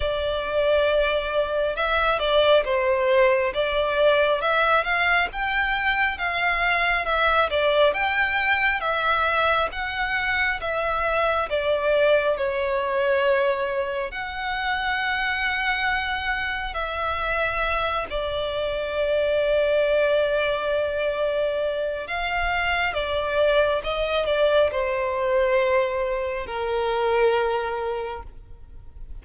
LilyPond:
\new Staff \with { instrumentName = "violin" } { \time 4/4 \tempo 4 = 68 d''2 e''8 d''8 c''4 | d''4 e''8 f''8 g''4 f''4 | e''8 d''8 g''4 e''4 fis''4 | e''4 d''4 cis''2 |
fis''2. e''4~ | e''8 d''2.~ d''8~ | d''4 f''4 d''4 dis''8 d''8 | c''2 ais'2 | }